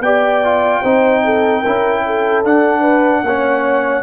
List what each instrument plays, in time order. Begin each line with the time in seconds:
0.00 tuba B3, trombone G4, horn D5, trumpet G5
0.44 trombone F4
0.81 tuba C4, trombone D#4, horn C5
1.24 horn A4
1.62 tuba C#4, trombone E4, horn A#4
2.06 horn A4
2.44 tuba D4, trombone D4, trumpet F#5
2.80 horn B4
3.22 tuba A#3, trombone C#4, horn C#5